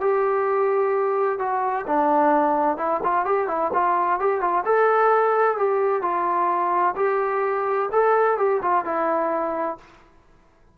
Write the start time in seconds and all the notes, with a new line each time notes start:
0.00 G4
1.39 F#4
1.86 D4
2.77 E4
3.03 F4
3.25 G4
3.48 E4
3.73 F4
4.19 G4
4.41 F4
4.65 A4
5.57 G4
6.02 F4
6.96 G4
7.92 A4
8.37 G4
8.62 F4
8.85 E4